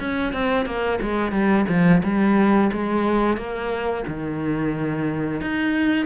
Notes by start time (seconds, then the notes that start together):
0.00 C#4
0.33 C4
0.66 A#3
1.02 G#3
1.32 G3
1.69 F3
2.04 G3
2.73 G#3
3.37 A#3
4.08 D#3
5.42 D#4